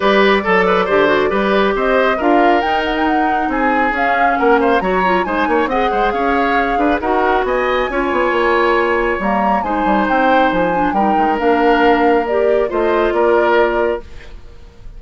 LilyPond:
<<
  \new Staff \with { instrumentName = "flute" } { \time 4/4 \tempo 4 = 137 d''1 | dis''4 f''4 g''8 fis''16 g''16 fis''4 | gis''4 f''4 fis''8 f''8 ais''4 | gis''4 fis''4 f''2 |
fis''4 gis''2.~ | gis''4 ais''4 gis''4 g''4 | gis''4 g''4 f''2 | d''4 dis''4 d''2 | }
  \new Staff \with { instrumentName = "oboe" } { \time 4/4 b'4 a'8 b'8 c''4 b'4 | c''4 ais'2. | gis'2 ais'8 c''8 cis''4 | c''8 cis''8 dis''8 c''8 cis''4. b'8 |
ais'4 dis''4 cis''2~ | cis''2 c''2~ | c''4 ais'2.~ | ais'4 c''4 ais'2 | }
  \new Staff \with { instrumentName = "clarinet" } { \time 4/4 g'4 a'4 g'8 fis'8 g'4~ | g'4 f'4 dis'2~ | dis'4 cis'2 fis'8 f'8 | dis'4 gis'2. |
fis'2 f'2~ | f'4 ais4 dis'2~ | dis'8 d'8 dis'4 d'2 | g'4 f'2. | }
  \new Staff \with { instrumentName = "bassoon" } { \time 4/4 g4 fis4 d4 g4 | c'4 d'4 dis'2 | c'4 cis'4 ais4 fis4 | gis8 ais8 c'8 gis8 cis'4. d'8 |
dis'4 b4 cis'8 b8 ais4~ | ais4 g4 gis8 g8 c'4 | f4 g8 gis8 ais2~ | ais4 a4 ais2 | }
>>